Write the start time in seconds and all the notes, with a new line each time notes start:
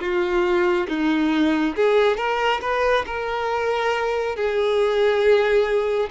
0.00 F4
0.88 D#4
1.75 G#4
2.17 A#4
2.62 B4
3.06 A#4
4.36 G#4